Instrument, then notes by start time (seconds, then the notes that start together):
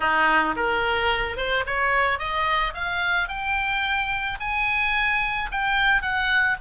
oboe
0.00 D#4
0.56 A#4
1.36 C5
1.66 C#5
2.18 D#5
2.74 F5
3.28 G5
4.40 G#5
5.51 G5
6.02 F#5